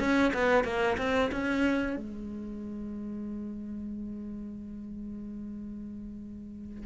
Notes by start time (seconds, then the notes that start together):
0.00 C#4
0.34 B3
0.65 A#3
0.98 C4
1.32 C#4
1.97 G#3